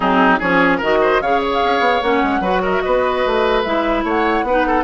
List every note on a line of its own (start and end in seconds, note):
0.00 0.40 F#3
0.00 0.40 C4
0.00 0.39 D#4
0.00 0.39 G#4
0.39 0.82 F3
0.39 0.81 C#4
0.39 0.77 G#4
0.39 0.80 C#5
0.77 1.21 D#3
0.77 1.22 F#4
0.77 0.97 A#4
0.77 1.21 D#5
1.01 1.21 C5
1.21 1.61 C#3
1.21 2.03 G#4
1.21 2.41 C#5
1.21 1.39 F5
1.39 1.49 C#5
1.53 2.02 F5
1.63 1.79 C#4
1.79 1.99 B3
2.02 2.22 A#3
2.02 2.42 C#4
2.02 2.63 F#5
2.23 2.39 G#3
2.39 2.80 F#3
2.39 3.64 F#4
2.39 2.61 B4
2.61 2.82 A#4
2.61 2.72 D#5
2.72 2.81 E5
2.81 3.25 B3
2.81 4.04 B4
2.81 3.62 D#5
3.25 3.65 A3
3.62 4.03 G#3
3.62 4.46 E4
3.62 4.03 E5
4.03 4.42 A3
4.03 4.45 C#5
4.03 4.84 F#5
4.42 4.83 B3
4.42 4.67 B4
4.49 4.84 D#4
4.67 4.84 A4